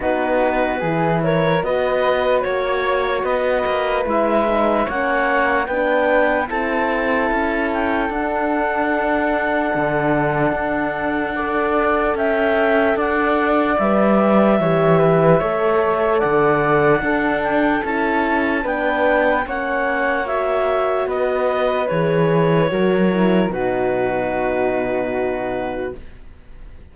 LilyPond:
<<
  \new Staff \with { instrumentName = "clarinet" } { \time 4/4 \tempo 4 = 74 b'4. cis''8 dis''4 cis''4 | dis''4 e''4 fis''4 g''4 | a''4. g''8 fis''2~ | fis''2. g''4 |
fis''4 e''2. | fis''4. g''8 a''4 g''4 | fis''4 e''4 dis''4 cis''4~ | cis''4 b'2. | }
  \new Staff \with { instrumentName = "flute" } { \time 4/4 fis'4 gis'8 ais'8 b'4 cis''4 | b'2 cis''4 b'4 | a'1~ | a'2 d''4 e''4 |
d''2 cis''8 b'8 cis''4 | d''4 a'2 b'4 | cis''2 b'2 | ais'4 fis'2. | }
  \new Staff \with { instrumentName = "horn" } { \time 4/4 dis'4 e'4 fis'2~ | fis'4 e'8 dis'8 cis'4 d'4 | e'2 d'2~ | d'2 a'2~ |
a'4 b'4 g'4 a'4~ | a'4 d'4 e'4 d'4 | cis'4 fis'2 gis'4 | fis'8 e'8 dis'2. | }
  \new Staff \with { instrumentName = "cello" } { \time 4/4 b4 e4 b4 ais4 | b8 ais8 gis4 ais4 b4 | c'4 cis'4 d'2 | d4 d'2 cis'4 |
d'4 g4 e4 a4 | d4 d'4 cis'4 b4 | ais2 b4 e4 | fis4 b,2. | }
>>